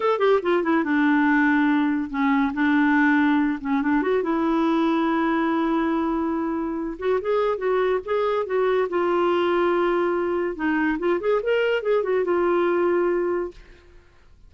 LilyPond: \new Staff \with { instrumentName = "clarinet" } { \time 4/4 \tempo 4 = 142 a'8 g'8 f'8 e'8 d'2~ | d'4 cis'4 d'2~ | d'8 cis'8 d'8 fis'8 e'2~ | e'1~ |
e'8 fis'8 gis'4 fis'4 gis'4 | fis'4 f'2.~ | f'4 dis'4 f'8 gis'8 ais'4 | gis'8 fis'8 f'2. | }